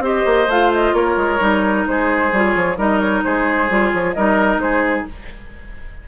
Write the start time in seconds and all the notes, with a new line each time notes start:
0.00 C4 G4 C5 D#5
0.26 A#3
0.48 A3 F4 F5
0.74 D#5
0.94 A#3 A#4 C#5
1.17 G#3
1.40 G3 D#4
1.87 G#3 G#4 C5
2.33 G3 F4
2.44 C#5
2.56 F3
2.78 G3 D#4 A#4 D#5
3.00 C#5
3.24 G#3 G#4 C5
3.70 G3 F4
3.93 F3 C#5
4.14 G3 D#4 A#4 D#5
4.58 G#3 G#4 C5